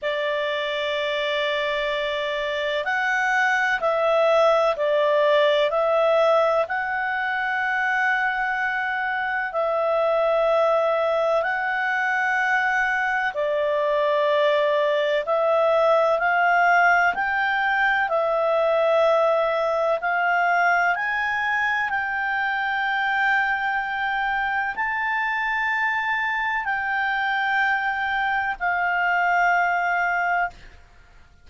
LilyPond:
\new Staff \with { instrumentName = "clarinet" } { \time 4/4 \tempo 4 = 63 d''2. fis''4 | e''4 d''4 e''4 fis''4~ | fis''2 e''2 | fis''2 d''2 |
e''4 f''4 g''4 e''4~ | e''4 f''4 gis''4 g''4~ | g''2 a''2 | g''2 f''2 | }